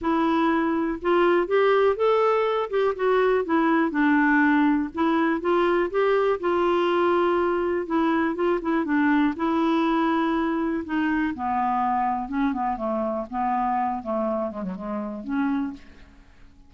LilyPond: \new Staff \with { instrumentName = "clarinet" } { \time 4/4 \tempo 4 = 122 e'2 f'4 g'4 | a'4. g'8 fis'4 e'4 | d'2 e'4 f'4 | g'4 f'2. |
e'4 f'8 e'8 d'4 e'4~ | e'2 dis'4 b4~ | b4 cis'8 b8 a4 b4~ | b8 a4 gis16 fis16 gis4 cis'4 | }